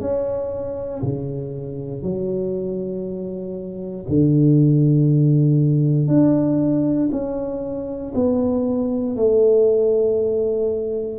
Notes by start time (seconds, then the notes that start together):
0.00 C#4
1.02 C#3
2.02 F#3
4.08 D3
6.07 D4
7.11 C#4
8.14 B3
9.15 A3